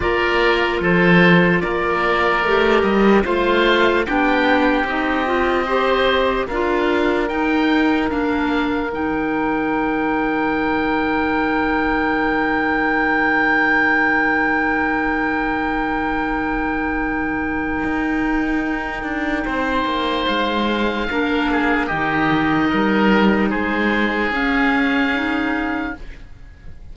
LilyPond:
<<
  \new Staff \with { instrumentName = "oboe" } { \time 4/4 \tempo 4 = 74 d''4 c''4 d''4. dis''8 | f''4 g''4 dis''2 | f''4 g''4 f''4 g''4~ | g''1~ |
g''1~ | g''1~ | g''4 f''2 dis''4~ | dis''4 c''4 f''2 | }
  \new Staff \with { instrumentName = "oboe" } { \time 4/4 ais'4 a'4 ais'2 | c''4 g'2 c''4 | ais'1~ | ais'1~ |
ais'1~ | ais'1 | c''2 ais'8 gis'8 g'4 | ais'4 gis'2. | }
  \new Staff \with { instrumentName = "clarinet" } { \time 4/4 f'2. g'4 | f'4 d'4 dis'8 f'8 g'4 | f'4 dis'4 d'4 dis'4~ | dis'1~ |
dis'1~ | dis'1~ | dis'2 d'4 dis'4~ | dis'2 cis'4 dis'4 | }
  \new Staff \with { instrumentName = "cello" } { \time 4/4 ais4 f4 ais4 a8 g8 | a4 b4 c'2 | d'4 dis'4 ais4 dis4~ | dis1~ |
dis1~ | dis2 dis'4. d'8 | c'8 ais8 gis4 ais4 dis4 | g4 gis4 cis'2 | }
>>